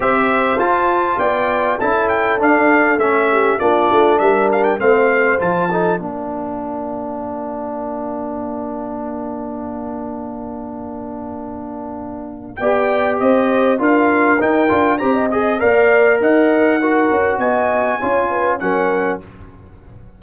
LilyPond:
<<
  \new Staff \with { instrumentName = "trumpet" } { \time 4/4 \tempo 4 = 100 e''4 a''4 g''4 a''8 g''8 | f''4 e''4 d''4 e''8 f''16 g''16 | f''4 a''4 f''2~ | f''1~ |
f''1~ | f''4 g''4 dis''4 f''4 | g''4 ais''8 dis''8 f''4 fis''4~ | fis''4 gis''2 fis''4 | }
  \new Staff \with { instrumentName = "horn" } { \time 4/4 c''2 d''4 a'4~ | a'4. g'8 f'4 ais'4 | c''4. a'8 ais'2~ | ais'1~ |
ais'1~ | ais'4 d''4 c''4 ais'4~ | ais'4 c''16 dis''8. d''4 dis''4 | ais'4 dis''4 cis''8 b'8 ais'4 | }
  \new Staff \with { instrumentName = "trombone" } { \time 4/4 g'4 f'2 e'4 | d'4 cis'4 d'2 | c'4 f'8 dis'8 d'2~ | d'1~ |
d'1~ | d'4 g'2 f'4 | dis'8 f'8 g'8 gis'8 ais'2 | fis'2 f'4 cis'4 | }
  \new Staff \with { instrumentName = "tuba" } { \time 4/4 c'4 f'4 b4 cis'4 | d'4 a4 ais8 a8 g4 | a4 f4 ais2~ | ais1~ |
ais1~ | ais4 b4 c'4 d'4 | dis'8 d'8 c'4 ais4 dis'4~ | dis'8 cis'8 b4 cis'4 fis4 | }
>>